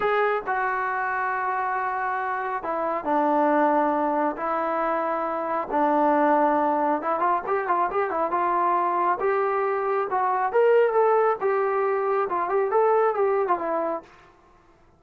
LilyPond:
\new Staff \with { instrumentName = "trombone" } { \time 4/4 \tempo 4 = 137 gis'4 fis'2.~ | fis'2 e'4 d'4~ | d'2 e'2~ | e'4 d'2. |
e'8 f'8 g'8 f'8 g'8 e'8 f'4~ | f'4 g'2 fis'4 | ais'4 a'4 g'2 | f'8 g'8 a'4 g'8. f'16 e'4 | }